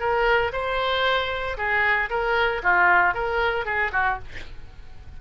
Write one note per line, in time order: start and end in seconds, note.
0.00 0.52 A#4
0.53 1.57 C5
1.58 2.10 G#4
2.10 2.62 A#4
2.63 3.15 F4
3.15 3.66 A#4
3.66 3.92 G#4
3.93 4.19 F#4